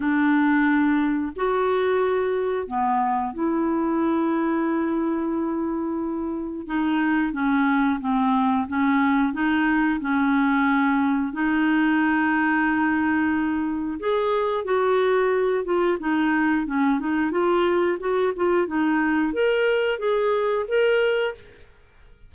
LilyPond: \new Staff \with { instrumentName = "clarinet" } { \time 4/4 \tempo 4 = 90 d'2 fis'2 | b4 e'2.~ | e'2 dis'4 cis'4 | c'4 cis'4 dis'4 cis'4~ |
cis'4 dis'2.~ | dis'4 gis'4 fis'4. f'8 | dis'4 cis'8 dis'8 f'4 fis'8 f'8 | dis'4 ais'4 gis'4 ais'4 | }